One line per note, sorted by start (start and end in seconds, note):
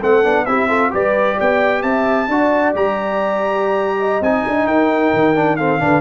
0.00 0.25 A3
0.00 0.24 C4
0.00 0.45 A4
0.00 0.46 F#5
0.24 0.48 B3
0.24 0.47 D4
0.46 0.93 C4
0.46 0.69 E4
0.46 0.68 G4
0.46 0.91 E5
0.68 0.91 F4
0.68 0.91 A4
0.91 1.39 G3
0.91 2.28 G4
0.91 1.36 B4
0.91 1.40 D5
1.36 1.83 B3
1.36 1.82 D5
1.36 1.83 G5
1.83 2.29 C4
1.83 2.29 E5
1.83 2.74 A5
2.29 2.74 D4
2.29 2.75 F#4
2.29 4.00 D5
2.75 4.21 G3
2.75 4.23 G4
2.75 4.23 A#5
4.00 4.68 D#5
4.21 4.44 C4
4.21 5.36 D#4
4.21 4.67 G#5
4.47 4.66 D4
4.66 5.11 D#4
4.66 5.58 A#4
4.66 5.57 G5
5.14 5.82 D#3
5.36 5.59 D4
5.57 5.80 C4
5.57 5.81 A4
5.57 6.01 F5
5.80 6.01 D3
5.80 6.01 D4
5.80 6.01 B4